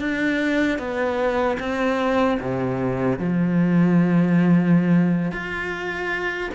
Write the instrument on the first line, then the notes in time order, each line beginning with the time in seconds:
cello
0.00 D4
0.79 B3
1.60 C4
2.41 C3
3.19 F3
5.32 F4